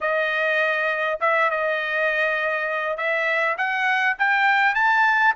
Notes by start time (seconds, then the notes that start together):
0.00 D#5
1.20 E5
1.50 D#5
2.97 E5
3.57 F#5
4.18 G5
4.74 A5